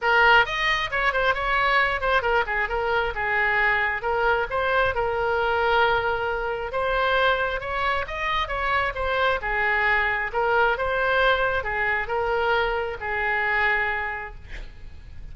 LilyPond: \new Staff \with { instrumentName = "oboe" } { \time 4/4 \tempo 4 = 134 ais'4 dis''4 cis''8 c''8 cis''4~ | cis''8 c''8 ais'8 gis'8 ais'4 gis'4~ | gis'4 ais'4 c''4 ais'4~ | ais'2. c''4~ |
c''4 cis''4 dis''4 cis''4 | c''4 gis'2 ais'4 | c''2 gis'4 ais'4~ | ais'4 gis'2. | }